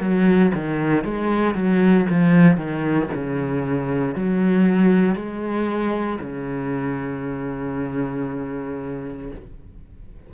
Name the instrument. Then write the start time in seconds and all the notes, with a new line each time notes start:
cello
0.00 F#3
0.54 D#3
1.04 G#3
1.54 F#3
2.10 F3
2.57 D#3
3.14 C#3
4.15 F#3
5.15 G#3
6.21 C#3